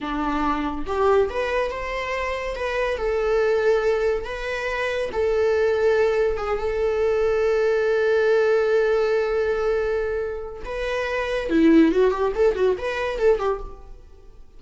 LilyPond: \new Staff \with { instrumentName = "viola" } { \time 4/4 \tempo 4 = 141 d'2 g'4 b'4 | c''2 b'4 a'4~ | a'2 b'2 | a'2. gis'8 a'8~ |
a'1~ | a'1~ | a'4 b'2 e'4 | fis'8 g'8 a'8 fis'8 b'4 a'8 g'8 | }